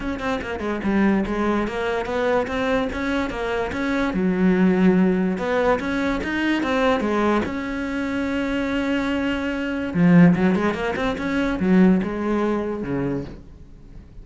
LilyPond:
\new Staff \with { instrumentName = "cello" } { \time 4/4 \tempo 4 = 145 cis'8 c'8 ais8 gis8 g4 gis4 | ais4 b4 c'4 cis'4 | ais4 cis'4 fis2~ | fis4 b4 cis'4 dis'4 |
c'4 gis4 cis'2~ | cis'1 | f4 fis8 gis8 ais8 c'8 cis'4 | fis4 gis2 cis4 | }